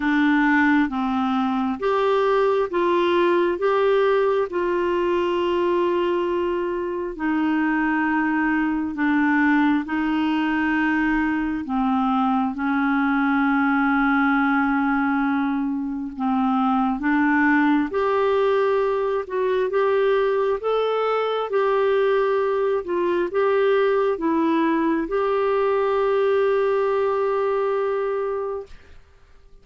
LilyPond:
\new Staff \with { instrumentName = "clarinet" } { \time 4/4 \tempo 4 = 67 d'4 c'4 g'4 f'4 | g'4 f'2. | dis'2 d'4 dis'4~ | dis'4 c'4 cis'2~ |
cis'2 c'4 d'4 | g'4. fis'8 g'4 a'4 | g'4. f'8 g'4 e'4 | g'1 | }